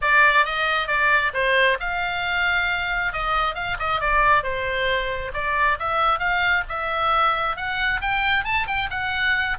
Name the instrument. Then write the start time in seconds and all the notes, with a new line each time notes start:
oboe
0.01 D5
0.45 D#5
0.87 D5
1.33 C5
1.80 F5
3.13 D#5
3.55 F5
3.79 D#5
4.00 D5
4.43 C5
5.33 D5
5.79 E5
6.19 F5
6.68 E5
7.56 F#5
8.01 G5
8.44 A5
8.67 G5
8.90 F#5